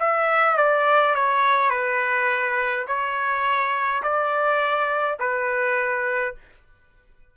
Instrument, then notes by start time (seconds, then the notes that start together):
trumpet
0.00 E5
0.58 D5
1.15 C#5
1.70 B4
2.87 C#5
4.03 D5
5.20 B4